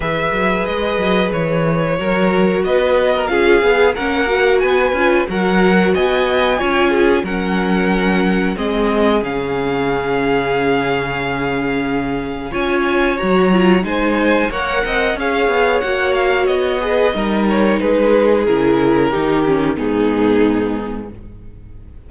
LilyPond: <<
  \new Staff \with { instrumentName = "violin" } { \time 4/4 \tempo 4 = 91 e''4 dis''4 cis''2 | dis''4 f''4 fis''4 gis''4 | fis''4 gis''2 fis''4~ | fis''4 dis''4 f''2~ |
f''2. gis''4 | ais''4 gis''4 fis''4 f''4 | fis''8 f''8 dis''4. cis''8 b'4 | ais'2 gis'2 | }
  \new Staff \with { instrumentName = "violin" } { \time 4/4 b'2. ais'4 | b'8. ais'16 gis'4 ais'4 b'4 | ais'4 dis''4 cis''8 gis'8 ais'4~ | ais'4 gis'2.~ |
gis'2. cis''4~ | cis''4 c''4 cis''8 dis''8 cis''4~ | cis''4. b'8 ais'4 gis'4~ | gis'4 g'4 dis'2 | }
  \new Staff \with { instrumentName = "viola" } { \time 4/4 gis'2. fis'4~ | fis'4 f'8 gis'8 cis'8 fis'4 f'8 | fis'2 f'4 cis'4~ | cis'4 c'4 cis'2~ |
cis'2. f'4 | fis'8 f'8 dis'4 ais'4 gis'4 | fis'4. gis'8 dis'2 | e'4 dis'8 cis'8 b2 | }
  \new Staff \with { instrumentName = "cello" } { \time 4/4 e8 fis8 gis8 fis8 e4 fis4 | b4 cis'8 b8 ais4 b8 cis'8 | fis4 b4 cis'4 fis4~ | fis4 gis4 cis2~ |
cis2. cis'4 | fis4 gis4 ais8 c'8 cis'8 b8 | ais4 b4 g4 gis4 | cis4 dis4 gis,2 | }
>>